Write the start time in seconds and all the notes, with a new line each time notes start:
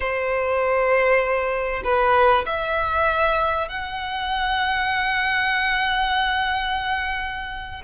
0.00 C5
1.84 B4
2.46 E5
3.68 F#5